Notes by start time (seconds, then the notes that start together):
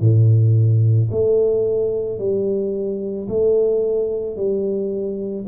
0.00 A2
1.11 A3
2.19 G3
3.28 A3
4.36 G3